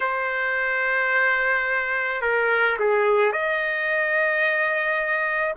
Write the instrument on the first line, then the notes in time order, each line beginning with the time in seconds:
trumpet
0.00 C5
2.21 A#4
2.79 G#4
3.32 D#5